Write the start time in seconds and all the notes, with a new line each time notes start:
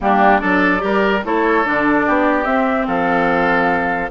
0.01 G3 A#3 D4 G4
0.39 F#3 D4 A4 D5
0.78 G3 G4 A#4
1.24 A3 E4 A4 C#5
1.64 D3 D4 D5
2.06 B3 G4
2.44 C4 E5
2.87 F3 A4 F5